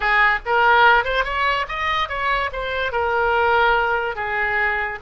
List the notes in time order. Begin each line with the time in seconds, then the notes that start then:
0.00 G#4
0.45 A#4
1.04 C5
1.24 C#5
1.68 D#5
2.08 C#5
2.52 C5
2.91 A#4
4.15 G#4